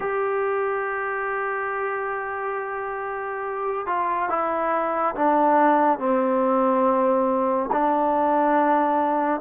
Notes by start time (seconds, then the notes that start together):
0.00 G4
3.86 F4
4.29 E4
5.15 D4
5.98 C4
7.71 D4